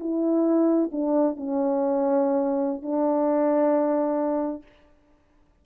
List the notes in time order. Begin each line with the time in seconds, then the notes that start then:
0.00 E4
0.92 D4
1.37 C#4
2.82 D4